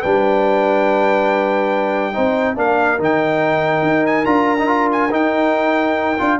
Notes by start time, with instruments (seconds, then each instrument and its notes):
0.00 tuba G3, trombone D4, horn B4, trumpet G5
2.13 tuba C4, trombone D#4, horn C5
2.55 tuba A#3, trombone D4, horn A#4, trumpet F5
2.99 tuba D#3, trombone D#4, trumpet G5
3.82 tuba D#4
4.06 trumpet G#5
4.25 tuba D4, trombone F4, trumpet A#5
4.58 trombone D#4
4.66 trombone F4
4.91 trumpet G#5
5.10 tuba D#4, trombone D#4, trumpet G5
6.18 tuba D4, trombone F4